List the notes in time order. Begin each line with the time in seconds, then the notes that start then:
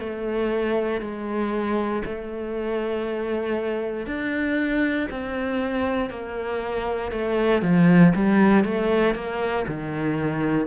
0.00 A3
1.01 G#3
2.05 A3
4.06 D4
5.11 C4
6.10 A#3
7.12 A3
7.62 F3
8.15 G3
8.64 A3
9.15 A#3
9.67 D#3